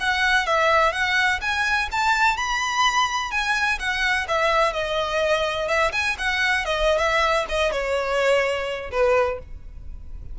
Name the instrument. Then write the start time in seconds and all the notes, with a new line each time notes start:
violin
0.00 F#5
0.47 E5
0.92 F#5
1.41 G#5
1.92 A5
2.37 B5
3.31 G#5
3.79 F#5
4.28 E5
4.73 D#5
5.68 E5
5.93 G#5
6.19 F#5
6.65 D#5
6.98 E5
7.49 D#5
7.72 C#5
8.91 B4